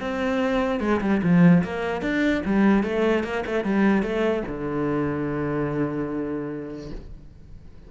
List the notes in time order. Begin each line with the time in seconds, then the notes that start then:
0.00 C4
0.80 G#3
1.01 G3
1.23 F3
1.63 A#3
2.01 D4
2.45 G3
2.83 A3
3.23 A#3
3.46 A3
3.64 G3
4.02 A3
4.47 D3